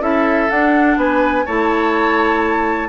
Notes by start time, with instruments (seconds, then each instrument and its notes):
0.00 bassoon C#4, clarinet E4, oboe A4, flute E5
0.50 clarinet D4, bassoon D4, flute F#5
0.97 bassoon B3, oboe B4, flute G#5
1.46 bassoon A3, clarinet E4, oboe C#5, flute A5